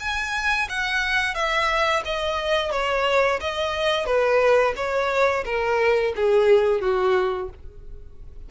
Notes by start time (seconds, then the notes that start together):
0.00 G#5
0.69 F#5
1.35 E5
2.05 D#5
2.72 C#5
3.41 D#5
4.06 B4
4.76 C#5
5.45 A#4
6.16 G#4
6.81 F#4